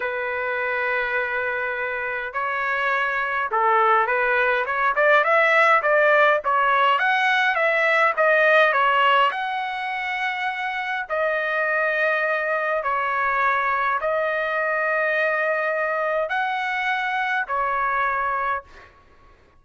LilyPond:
\new Staff \with { instrumentName = "trumpet" } { \time 4/4 \tempo 4 = 103 b'1 | cis''2 a'4 b'4 | cis''8 d''8 e''4 d''4 cis''4 | fis''4 e''4 dis''4 cis''4 |
fis''2. dis''4~ | dis''2 cis''2 | dis''1 | fis''2 cis''2 | }